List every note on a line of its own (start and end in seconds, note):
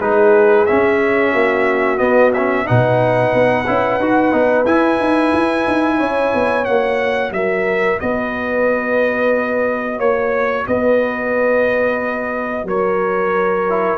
0.00 0.67 G#3
0.00 0.68 D#4
0.00 1.32 G#4
0.00 0.66 B4
0.66 1.98 C#4
0.66 1.34 C#4
0.66 1.98 E5
1.32 2.00 A#3
1.32 2.65 F#4
1.98 2.32 B3
1.98 2.67 B3
1.98 2.32 D#5
2.34 2.66 C#4
2.34 2.67 E5
2.66 3.34 B2
2.66 3.66 D#4
2.66 5.98 B4
2.66 4.66 F#5
3.34 3.67 B3
3.67 4.00 C#4
3.67 4.01 E4
4.00 4.33 D#4
4.00 4.32 F#4
4.32 4.66 B3
4.32 4.66 D#4
4.66 4.99 E4
4.66 6.65 E4
4.66 6.65 G#5
5.00 5.33 D#4
5.33 5.67 E4
5.67 6.01 D#4
5.98 6.34 C#4
5.98 7.31 C#5
6.35 6.68 B3
6.65 7.32 A#3
6.65 13.65 F#4
6.65 7.32 F#5
7.32 7.98 F#3
7.32 8.02 A#4
7.32 8.00 E5
8.01 10.00 B3
8.01 9.97 B4
8.01 10.00 D#5
9.97 10.66 A#3
9.97 10.64 C#5
9.97 10.67 C#5
10.68 12.64 B3
10.68 12.67 B4
10.68 12.68 D#5
12.64 13.98 F#3
12.64 13.99 A#4
12.64 13.99 C#5
13.69 13.99 E4